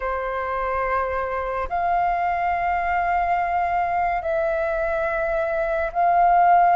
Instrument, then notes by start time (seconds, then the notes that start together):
flute
0.00 C5
1.69 F5
4.21 E5
5.92 F5